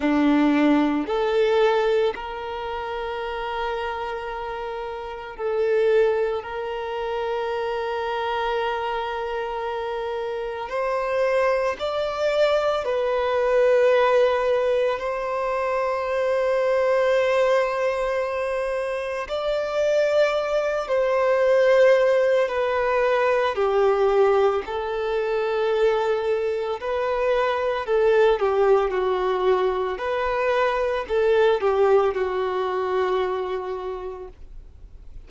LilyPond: \new Staff \with { instrumentName = "violin" } { \time 4/4 \tempo 4 = 56 d'4 a'4 ais'2~ | ais'4 a'4 ais'2~ | ais'2 c''4 d''4 | b'2 c''2~ |
c''2 d''4. c''8~ | c''4 b'4 g'4 a'4~ | a'4 b'4 a'8 g'8 fis'4 | b'4 a'8 g'8 fis'2 | }